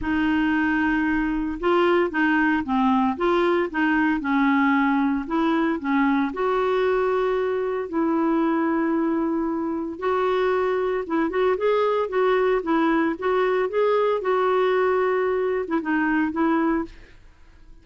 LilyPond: \new Staff \with { instrumentName = "clarinet" } { \time 4/4 \tempo 4 = 114 dis'2. f'4 | dis'4 c'4 f'4 dis'4 | cis'2 e'4 cis'4 | fis'2. e'4~ |
e'2. fis'4~ | fis'4 e'8 fis'8 gis'4 fis'4 | e'4 fis'4 gis'4 fis'4~ | fis'4.~ fis'16 e'16 dis'4 e'4 | }